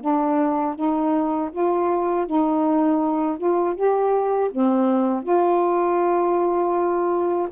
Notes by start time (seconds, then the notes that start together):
0.00 D4
0.75 D#4
1.51 F4
2.26 D#4
3.38 F4
3.75 G4
4.51 C4
5.23 F4